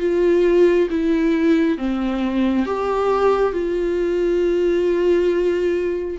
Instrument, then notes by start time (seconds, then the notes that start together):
viola
0.00 F4
0.91 E4
1.78 C4
2.66 G4
3.53 F4